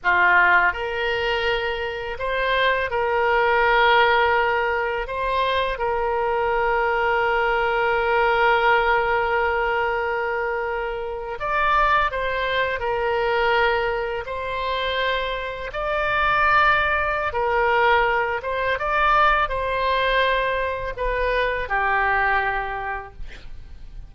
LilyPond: \new Staff \with { instrumentName = "oboe" } { \time 4/4 \tempo 4 = 83 f'4 ais'2 c''4 | ais'2. c''4 | ais'1~ | ais'2.~ ais'8. d''16~ |
d''8. c''4 ais'2 c''16~ | c''4.~ c''16 d''2~ d''16 | ais'4. c''8 d''4 c''4~ | c''4 b'4 g'2 | }